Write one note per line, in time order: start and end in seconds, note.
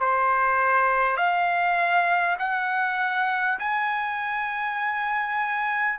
0.00 1.17 C5
1.17 2.37 F5
2.38 3.58 F#5
3.59 5.98 G#5